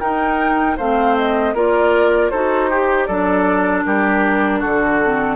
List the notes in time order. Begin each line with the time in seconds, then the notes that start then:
0.00 D#4 A#4 G5
0.77 A3 C4 C5 F5
1.17 D#5
1.54 A#3 F4 A#4 D5
2.30 D#4 F#4 A4 C5
2.70 G4
3.05 F#3 D4 A4 D5
3.85 G3 G4 A#4
4.60 D3 F#4 A4
5.03 C4